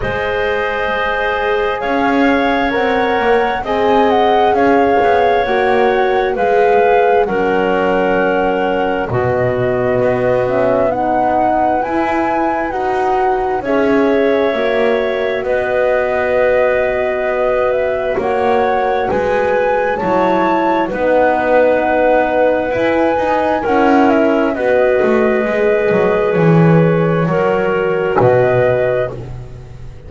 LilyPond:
<<
  \new Staff \with { instrumentName = "flute" } { \time 4/4 \tempo 4 = 66 dis''2 f''4 fis''4 | gis''8 fis''8 f''4 fis''4 f''4 | fis''2 dis''4. e''8 | fis''4 gis''4 fis''4 e''4~ |
e''4 dis''2~ dis''8 e''8 | fis''4 gis''4 a''4 fis''4~ | fis''4 gis''4 fis''8 e''8 dis''4~ | dis''4 cis''2 dis''4 | }
  \new Staff \with { instrumentName = "clarinet" } { \time 4/4 c''2 cis''2 | dis''4 cis''2 b'4 | ais'2 fis'2 | b'2. cis''4~ |
cis''4 b'2. | cis''4 b'4 cis''4 b'4~ | b'2 ais'4 b'4~ | b'2 ais'4 b'4 | }
  \new Staff \with { instrumentName = "horn" } { \time 4/4 gis'2. ais'4 | gis'2 fis'4 gis'4 | cis'2 b4. cis'8 | dis'4 e'4 fis'4 gis'4 |
fis'1~ | fis'2 e'4 dis'4~ | dis'4 e'8 dis'8 e'4 fis'4 | gis'2 fis'2 | }
  \new Staff \with { instrumentName = "double bass" } { \time 4/4 gis2 cis'4 c'8 ais8 | c'4 cis'8 b8 ais4 gis4 | fis2 b,4 b4~ | b4 e'4 dis'4 cis'4 |
ais4 b2. | ais4 gis4 fis4 b4~ | b4 e'8 dis'8 cis'4 b8 a8 | gis8 fis8 e4 fis4 b,4 | }
>>